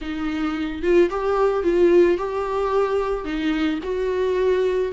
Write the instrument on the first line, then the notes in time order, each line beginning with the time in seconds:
viola
0.01 D#4
0.82 F4
1.10 G4
1.63 F4
2.17 G4
3.24 D#4
3.83 F#4